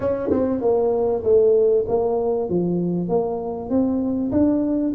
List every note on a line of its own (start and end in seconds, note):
0.00 0.30 C#4
0.30 0.61 C4
0.61 1.23 A#3
1.23 1.85 A3
1.88 2.49 A#3
2.49 3.08 F3
3.08 3.69 A#3
3.69 4.31 C4
4.31 4.93 D4